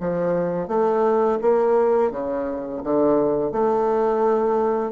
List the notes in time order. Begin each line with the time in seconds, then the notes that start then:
0.00 F3
0.68 A3
1.41 A#3
2.11 C#3
2.83 D3
3.52 A3